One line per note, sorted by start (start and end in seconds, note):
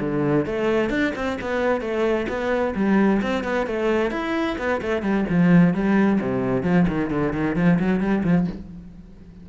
0.00 0.46 D3
0.46 0.90 A3
0.90 1.13 D4
1.15 1.38 C4
1.41 1.81 B3
1.81 2.27 A3
2.29 2.74 B3
2.76 3.21 G3
3.22 3.44 C4
3.44 3.67 B3
3.67 4.11 A3
4.11 4.57 E4
4.58 4.81 B3
4.82 5.02 A3
5.02 5.25 G3
5.30 5.74 F3
5.74 6.20 G3
6.20 6.63 C3
6.63 6.86 F3
6.88 7.10 D#3
7.10 7.33 D3
7.33 7.56 D#3
7.56 7.79 F3
7.80 8.00 F#3
8.00 8.23 G3
8.24 8.47 F3